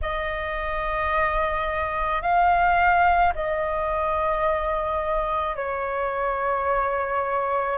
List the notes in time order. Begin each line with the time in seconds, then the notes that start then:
0.01 D#5
2.22 F5
3.34 D#5
5.56 C#5